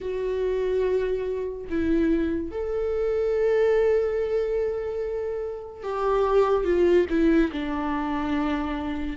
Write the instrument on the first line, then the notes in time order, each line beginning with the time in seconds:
viola
0.00 F#4
1.69 E4
2.51 A4
5.83 G4
6.64 F4
7.09 E4
7.52 D4